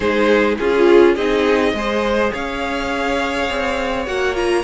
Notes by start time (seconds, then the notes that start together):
0.00 G#3 D#4 G#4 C5
0.57 C#4 F4 G#4
1.14 C4 D#4 G#4 D#5
1.73 G#3 G#4 C5
2.32 C#4 C#5 F5
3.49 C4
4.06 A#3 F#4 F#5
4.34 F4 A#5